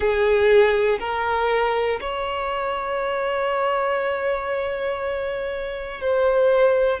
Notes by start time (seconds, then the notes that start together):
0.00 G#4
0.99 A#4
2.00 C#5
6.00 C5